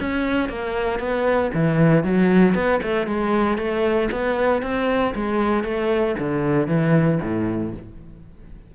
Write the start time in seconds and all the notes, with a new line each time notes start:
0.00 C#4
0.49 A#3
0.99 B3
1.54 E3
2.03 F#3
2.54 B3
2.82 A3
3.06 G#3
3.58 A3
4.11 B3
4.62 C4
5.15 G#3
5.63 A3
6.19 D3
6.67 E3
7.22 A2